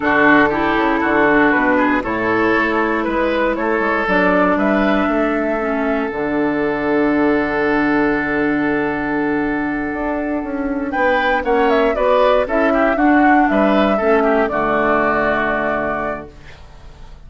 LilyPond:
<<
  \new Staff \with { instrumentName = "flute" } { \time 4/4 \tempo 4 = 118 a'2. b'4 | cis''2 b'4 cis''4 | d''4 e''2. | fis''1~ |
fis''1~ | fis''4. g''4 fis''8 e''8 d''8~ | d''8 e''4 fis''4 e''4.~ | e''8 d''2.~ d''8 | }
  \new Staff \with { instrumentName = "oboe" } { \time 4/4 fis'4 g'4 fis'4. gis'8 | a'2 b'4 a'4~ | a'4 b'4 a'2~ | a'1~ |
a'1~ | a'4. b'4 cis''4 b'8~ | b'8 a'8 g'8 fis'4 b'4 a'8 | g'8 fis'2.~ fis'8 | }
  \new Staff \with { instrumentName = "clarinet" } { \time 4/4 d'4 e'4. d'4. | e'1 | d'2. cis'4 | d'1~ |
d'1~ | d'2~ d'8 cis'4 fis'8~ | fis'8 e'4 d'2 cis'8~ | cis'8 a2.~ a8 | }
  \new Staff \with { instrumentName = "bassoon" } { \time 4/4 d4. cis8 d4 b,4 | a,4 a4 gis4 a8 gis8 | fis4 g4 a2 | d1~ |
d2.~ d8 d'8~ | d'8 cis'4 b4 ais4 b8~ | b8 cis'4 d'4 g4 a8~ | a8 d2.~ d8 | }
>>